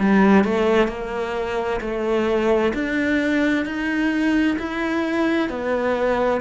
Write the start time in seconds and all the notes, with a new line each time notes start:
0.00 G3
0.44 A3
0.88 A#3
1.81 A3
2.74 D4
3.66 D#4
4.59 E4
5.50 B3